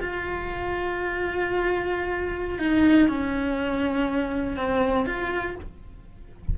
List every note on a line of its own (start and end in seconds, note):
0.00 2.59 F4
2.59 3.08 D#4
3.08 4.57 C#4
4.57 5.06 C4
5.06 5.55 F4